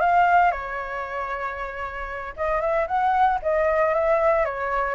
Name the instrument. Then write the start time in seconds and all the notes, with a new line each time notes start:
flute
0.00 F5
0.51 C#5
2.36 D#5
2.60 E5
2.87 F#5
3.42 D#5
3.94 E5
4.44 C#5